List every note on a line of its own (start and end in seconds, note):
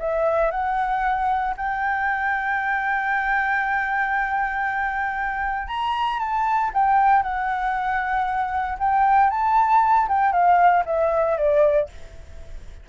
0.00 0.51 E5
0.51 1.55 F#5
1.57 5.68 G5
5.68 6.20 A#5
6.20 6.71 A5
6.74 7.23 G5
7.23 8.78 F#5
8.79 9.31 G5
9.31 10.08 A5
10.08 10.33 G5
10.33 10.84 F5
10.86 11.38 E5
11.38 11.89 D5